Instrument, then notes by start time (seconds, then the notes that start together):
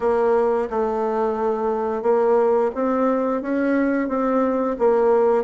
bassoon
0.00 A#3
0.70 A3
2.02 A#3
2.74 C4
3.42 C#4
4.08 C4
4.79 A#3